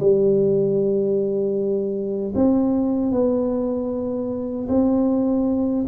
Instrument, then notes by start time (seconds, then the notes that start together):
tuba
0.00 G3
2.35 C4
3.12 B3
4.69 C4